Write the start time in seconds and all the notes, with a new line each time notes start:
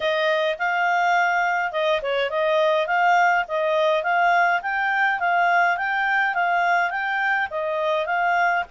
0.00 D#5
0.58 F5
1.72 D#5
2.02 C#5
2.29 D#5
2.87 F5
3.48 D#5
4.03 F5
4.62 G5
5.19 F5
5.77 G5
6.34 F5
6.90 G5
7.50 D#5
8.06 F5